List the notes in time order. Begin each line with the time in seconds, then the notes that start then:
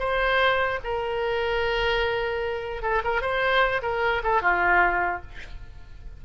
0.00 C5
0.84 A#4
2.83 A4
3.05 A#4
3.22 C5
3.83 A#4
4.24 A4
4.42 F4